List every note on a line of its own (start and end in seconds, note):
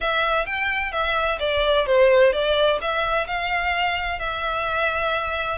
0.00 0.46 E5
0.46 0.92 G5
0.92 1.38 E5
1.39 1.86 D5
1.86 2.32 C5
2.32 2.79 D5
2.81 3.27 E5
3.27 4.19 F5
4.19 5.58 E5